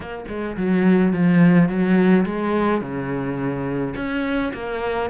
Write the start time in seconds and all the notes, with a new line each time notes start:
0.00 A#3
0.28 G#3
0.56 F#3
1.12 F3
1.68 F#3
2.25 G#3
2.81 C#3
3.95 C#4
4.53 A#3